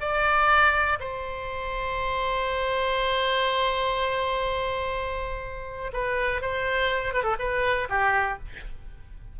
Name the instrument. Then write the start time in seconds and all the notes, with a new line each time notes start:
oboe
0.00 D5
0.99 C5
5.92 B4
6.41 C5
7.13 B4
7.23 A4
7.38 B4
7.89 G4